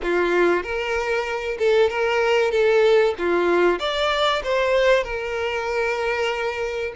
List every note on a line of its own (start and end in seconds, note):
0.03 0.63 F4
0.63 1.57 A#4
1.58 1.89 A4
1.89 2.51 A#4
2.51 3.14 A4
3.18 3.79 F4
3.79 4.42 D5
4.43 5.03 C5
5.03 6.93 A#4